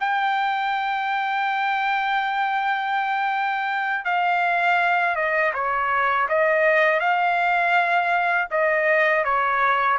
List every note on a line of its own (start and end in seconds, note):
0.00 4.05 G5
4.05 5.16 F5
5.16 5.53 D#5
5.54 6.28 C#5
6.29 7.00 D#5
7.00 8.48 F5
8.51 9.25 D#5
9.25 9.99 C#5